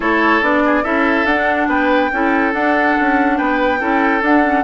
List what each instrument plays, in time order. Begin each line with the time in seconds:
0.00 bassoon A3, clarinet E4, oboe A4, flute C#5
0.41 bassoon B3, clarinet D4, flute D5
0.65 oboe G#4
0.83 bassoon C#4, clarinet E4, oboe A4, flute E5
1.25 bassoon D4, clarinet D4, flute F#5
1.67 bassoon B3, oboe B4, flute G5
2.12 bassoon C#4, clarinet E4, oboe A4
2.53 clarinet D4, bassoon D4, flute F#5
3.00 bassoon C#4
3.37 bassoon B3, oboe B4, flute G5
3.79 bassoon C#4, clarinet E4, oboe A4
4.21 clarinet D4, bassoon D4, flute F#5
4.43 clarinet C#4